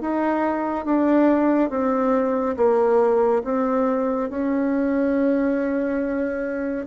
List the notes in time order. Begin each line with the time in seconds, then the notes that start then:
0.00 D#4
0.85 D4
1.69 C4
2.56 A#3
3.44 C4
4.29 C#4